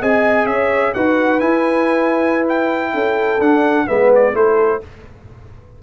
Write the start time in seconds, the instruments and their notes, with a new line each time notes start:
0.00 tuba C4, trombone G#4, horn D#5, trumpet G#5
0.45 tuba C#4, horn C#5, trumpet E5
0.94 tuba D#4, trombone F#4, horn B4, trumpet F#5
1.40 trombone E4, tuba E4, trumpet G#5
2.49 trumpet G5
2.93 tuba C#4, horn A4
3.40 tuba D4, trombone D4, trumpet F#5
3.86 tuba G#3, trombone B3, horn B4, trumpet E5
4.15 trumpet D5
4.33 tuba A3, trombone E4, horn A4, trumpet C5